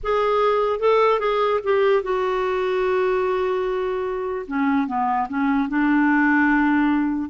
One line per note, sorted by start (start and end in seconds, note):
0.03 0.79 G#4
0.79 1.19 A4
1.19 1.60 G#4
1.63 2.02 G4
2.02 4.46 F#4
4.47 4.87 C#4
4.87 5.27 B3
5.28 5.68 C#4
5.68 7.29 D4